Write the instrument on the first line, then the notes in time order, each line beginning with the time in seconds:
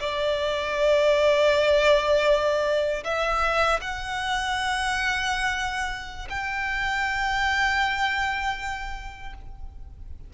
violin
0.00 D5
3.04 E5
3.81 F#5
6.30 G5